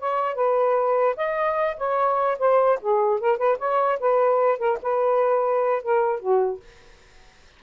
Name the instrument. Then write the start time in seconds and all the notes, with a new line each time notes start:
saxophone
0.00 C#5
0.35 B4
1.17 D#5
1.77 C#5
2.39 C5
2.82 G#4
3.20 A#4
3.38 B4
3.59 C#5
4.00 B4
4.59 A#4
4.83 B4
5.83 A#4
6.20 F#4